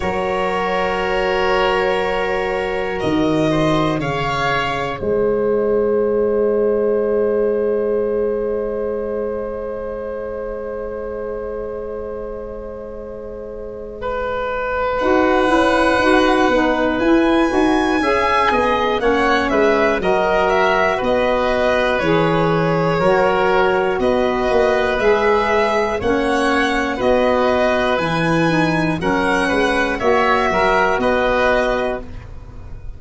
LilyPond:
<<
  \new Staff \with { instrumentName = "violin" } { \time 4/4 \tempo 4 = 60 cis''2. dis''4 | f''4 dis''2.~ | dis''1~ | dis''2. fis''4~ |
fis''4 gis''2 fis''8 e''8 | dis''8 e''8 dis''4 cis''2 | dis''4 e''4 fis''4 dis''4 | gis''4 fis''4 e''4 dis''4 | }
  \new Staff \with { instrumentName = "oboe" } { \time 4/4 ais'2.~ ais'8 c''8 | cis''4 c''2.~ | c''1~ | c''2 b'2~ |
b'2 e''8 dis''8 cis''8 b'8 | ais'4 b'2 ais'4 | b'2 cis''4 b'4~ | b'4 ais'8 b'8 cis''8 ais'8 b'4 | }
  \new Staff \with { instrumentName = "saxophone" } { \time 4/4 fis'1 | gis'1~ | gis'1~ | gis'2. fis'8 e'8 |
fis'8 dis'8 e'8 fis'8 gis'4 cis'4 | fis'2 gis'4 fis'4~ | fis'4 gis'4 cis'4 fis'4 | e'8 dis'8 cis'4 fis'2 | }
  \new Staff \with { instrumentName = "tuba" } { \time 4/4 fis2. dis4 | cis4 gis2.~ | gis1~ | gis2. dis'8 cis'8 |
dis'8 b8 e'8 dis'8 cis'8 b8 ais8 gis8 | fis4 b4 e4 fis4 | b8 ais8 gis4 ais4 b4 | e4 fis8 gis8 ais8 fis8 b4 | }
>>